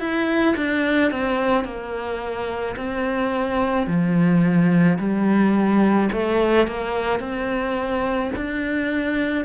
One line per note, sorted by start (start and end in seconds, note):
0.00 0.56 E4
0.57 1.11 D4
1.11 1.65 C4
1.65 2.76 A#3
2.77 3.87 C4
3.87 4.98 F3
4.99 6.10 G3
6.13 6.68 A3
6.68 7.20 A#3
7.20 8.31 C4
8.36 9.45 D4